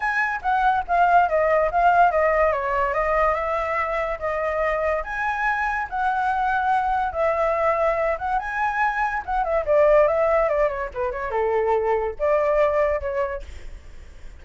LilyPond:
\new Staff \with { instrumentName = "flute" } { \time 4/4 \tempo 4 = 143 gis''4 fis''4 f''4 dis''4 | f''4 dis''4 cis''4 dis''4 | e''2 dis''2 | gis''2 fis''2~ |
fis''4 e''2~ e''8 fis''8 | gis''2 fis''8 e''8 d''4 | e''4 d''8 cis''8 b'8 cis''8 a'4~ | a'4 d''2 cis''4 | }